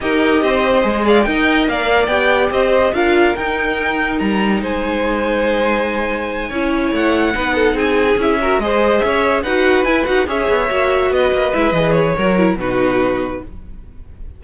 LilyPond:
<<
  \new Staff \with { instrumentName = "violin" } { \time 4/4 \tempo 4 = 143 dis''2~ dis''8 f''8 g''4 | f''4 g''4 dis''4 f''4 | g''2 ais''4 gis''4~ | gis''1~ |
gis''8 fis''2 gis''4 e''8~ | e''8 dis''4 e''4 fis''4 gis''8 | fis''8 e''2 dis''4 e''8 | dis''8 cis''4. b'2 | }
  \new Staff \with { instrumentName = "violin" } { \time 4/4 ais'4 c''4. d''8 dis''4 | d''2 c''4 ais'4~ | ais'2. c''4~ | c''2.~ c''8 cis''8~ |
cis''4. b'8 a'8 gis'4. | ais'8 c''4 cis''4 b'4.~ | b'8 cis''2 b'4.~ | b'4 ais'4 fis'2 | }
  \new Staff \with { instrumentName = "viola" } { \time 4/4 g'2 gis'4 ais'4~ | ais'4 g'2 f'4 | dis'1~ | dis'2.~ dis'8 e'8~ |
e'4. dis'2 e'8 | fis'8 gis'2 fis'4 e'8 | fis'8 gis'4 fis'2 e'8 | gis'4 fis'8 e'8 dis'2 | }
  \new Staff \with { instrumentName = "cello" } { \time 4/4 dis'4 c'4 gis4 dis'4 | ais4 b4 c'4 d'4 | dis'2 g4 gis4~ | gis2.~ gis8 cis'8~ |
cis'8 a4 b4 c'4 cis'8~ | cis'8 gis4 cis'4 dis'4 e'8 | dis'8 cis'8 b8 ais4 b8 ais8 gis8 | e4 fis4 b,2 | }
>>